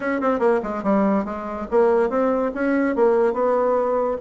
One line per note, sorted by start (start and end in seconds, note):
0.00 0.20 C#4
0.20 0.39 C4
0.39 0.60 A#3
0.63 0.83 G#3
0.83 1.24 G3
1.24 1.66 G#3
1.70 2.09 A#3
2.09 2.51 C4
2.54 2.95 C#4
2.95 3.33 A#3
3.33 4.17 B3